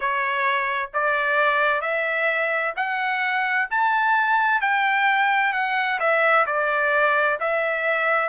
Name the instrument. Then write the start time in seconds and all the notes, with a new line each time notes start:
trumpet
0.00 C#5
0.93 D5
1.81 E5
2.76 F#5
3.70 A5
4.61 G5
5.53 F#5
5.99 E5
6.46 D5
7.40 E5